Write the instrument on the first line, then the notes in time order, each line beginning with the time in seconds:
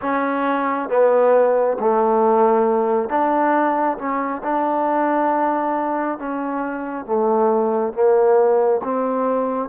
trombone
0.01 C#4
0.89 B3
1.79 A3
3.09 D4
3.97 C#4
4.43 D4
6.18 C#4
7.05 A3
7.93 A#3
8.83 C4